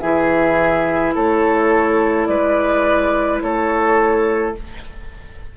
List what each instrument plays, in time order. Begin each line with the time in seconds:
0.00 bassoon E3, clarinet E4, oboe G#4, flute E5
1.14 bassoon A3, oboe A4, flute C#5
2.25 bassoon G#3, oboe B4, flute D5
3.41 bassoon A3, oboe A4, flute C#5